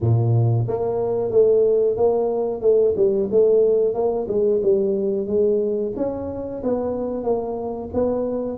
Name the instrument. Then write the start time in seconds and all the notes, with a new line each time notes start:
tuba
0.01 A#2
0.67 A#3
1.30 A3
1.97 A#3
2.61 A3
2.96 G3
3.31 A3
3.94 A#3
4.27 G#3
4.62 G3
5.26 G#3
5.96 C#4
6.63 B3
7.23 A#3
7.93 B3